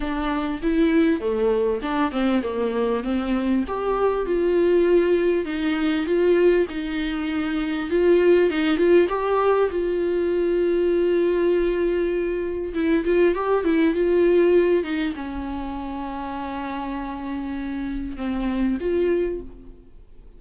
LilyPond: \new Staff \with { instrumentName = "viola" } { \time 4/4 \tempo 4 = 99 d'4 e'4 a4 d'8 c'8 | ais4 c'4 g'4 f'4~ | f'4 dis'4 f'4 dis'4~ | dis'4 f'4 dis'8 f'8 g'4 |
f'1~ | f'4 e'8 f'8 g'8 e'8 f'4~ | f'8 dis'8 cis'2.~ | cis'2 c'4 f'4 | }